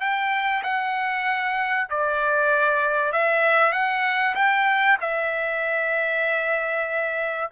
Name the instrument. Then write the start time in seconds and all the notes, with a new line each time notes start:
trumpet
0.00 G5
0.63 F#5
1.89 D5
3.12 E5
3.72 F#5
4.35 G5
5.00 E5